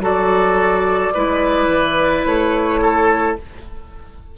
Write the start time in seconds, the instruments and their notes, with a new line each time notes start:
0.00 bassoon F#3, clarinet F#4, oboe A4, flute D5
1.14 bassoon G#3, clarinet E4, oboe B4
1.68 bassoon E3
2.26 bassoon A3, flute C#5
2.82 oboe A4